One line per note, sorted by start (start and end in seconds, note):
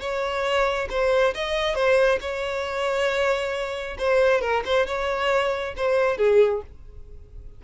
0.00 0.88 C#5
0.90 1.34 C5
1.34 1.75 D#5
1.75 2.19 C5
2.21 3.97 C#5
3.98 4.41 C5
4.41 4.63 A#4
4.65 4.86 C5
4.86 5.75 C#5
5.76 6.18 C5
6.18 6.62 G#4